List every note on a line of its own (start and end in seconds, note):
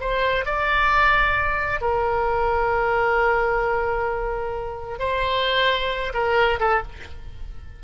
0.00 0.45 C5
0.45 1.81 D5
1.81 4.99 A#4
4.99 6.13 C5
6.14 6.59 A#4
6.60 6.83 A4